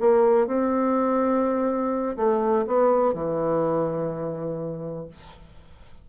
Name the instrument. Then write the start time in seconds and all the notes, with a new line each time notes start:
bassoon
0.00 A#3
0.47 C4
2.16 A3
2.67 B3
3.14 E3